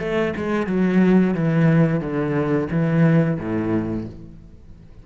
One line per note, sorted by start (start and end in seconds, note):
0.00 0.34 A3
0.37 0.67 G#3
0.67 1.35 F#3
1.35 2.01 E3
2.01 2.68 D3
2.71 3.39 E3
3.39 4.07 A2